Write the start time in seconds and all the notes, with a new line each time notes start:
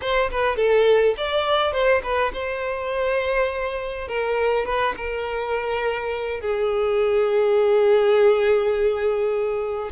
0.01 C5
0.31 B4
0.56 A4
1.17 D5
1.72 C5
2.03 B4
2.33 C5
4.08 A#4
4.65 B4
4.96 A#4
6.41 G#4